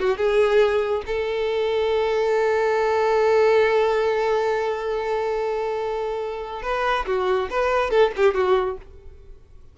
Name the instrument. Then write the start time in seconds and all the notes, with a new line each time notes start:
violin
0.00 F#4
0.17 G#4
1.07 A4
6.63 B4
7.07 F#4
7.50 B4
7.91 A4
8.17 G4
8.35 F#4